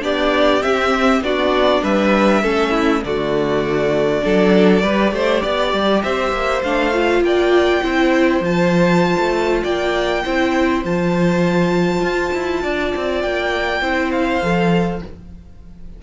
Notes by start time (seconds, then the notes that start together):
0.00 B3 D4 G4 D5
0.62 C4 E5
1.21 B3 D4 F#4 D5
1.83 G3 B4 E5
2.42 A3 C#4 A4
2.71 E4
3.04 D3 A3 F#4 D5
4.22 F#3 D4 A4
4.83 G3 G4 B4
5.12 A3 C5
5.43 B3 D5
5.73 G3
6.02 C4 C5 E5
6.32 A#3
6.63 A3 D4 F5
6.93 F4
7.21 A#3 D5 G5
7.82 C4 E4 C5
8.41 F3 F4 A5
9.18 A3
9.62 A#3 D5 G5
10.24 C4 E4 C5
10.84 F3 F4 A5
12.01 F4
12.34 E4
12.63 D4 D5
12.96 C4
13.21 A#3 G5
13.81 C4 E4 C5
14.12 F5
14.42 F3 A4